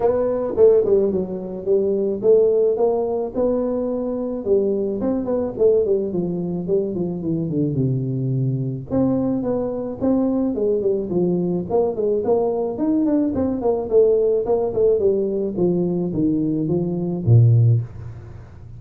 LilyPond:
\new Staff \with { instrumentName = "tuba" } { \time 4/4 \tempo 4 = 108 b4 a8 g8 fis4 g4 | a4 ais4 b2 | g4 c'8 b8 a8 g8 f4 | g8 f8 e8 d8 c2 |
c'4 b4 c'4 gis8 g8 | f4 ais8 gis8 ais4 dis'8 d'8 | c'8 ais8 a4 ais8 a8 g4 | f4 dis4 f4 ais,4 | }